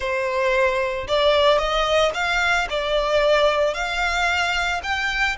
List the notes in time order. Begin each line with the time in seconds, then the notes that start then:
0.00 C5
1.07 D5
1.58 D#5
2.14 F5
2.69 D5
3.74 F5
4.83 G5